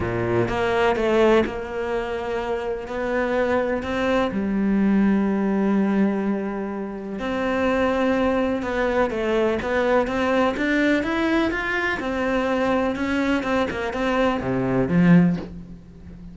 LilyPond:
\new Staff \with { instrumentName = "cello" } { \time 4/4 \tempo 4 = 125 ais,4 ais4 a4 ais4~ | ais2 b2 | c'4 g2.~ | g2. c'4~ |
c'2 b4 a4 | b4 c'4 d'4 e'4 | f'4 c'2 cis'4 | c'8 ais8 c'4 c4 f4 | }